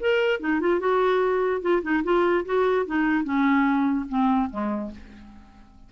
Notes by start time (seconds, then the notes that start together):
0.00 A#4
0.40 D#4
0.60 F4
0.80 F#4
1.62 F4
1.83 D#4
2.04 F4
2.45 F#4
2.86 D#4
3.24 C#4
4.09 C4
4.50 G#3